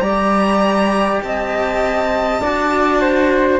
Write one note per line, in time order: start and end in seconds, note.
0.00 1.21 G3
0.00 2.41 G4
0.00 1.23 D5
0.00 1.20 A#5
1.23 2.42 C4
1.23 2.42 D#5
1.23 3.60 A5
2.42 3.60 D4
2.42 3.60 F#4
2.42 3.00 D5
3.00 3.60 C5